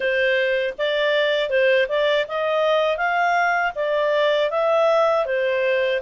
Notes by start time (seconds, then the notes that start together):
0.00 C5
0.77 D5
1.49 C5
1.88 D5
2.28 D#5
2.97 F5
3.75 D5
4.50 E5
5.25 C5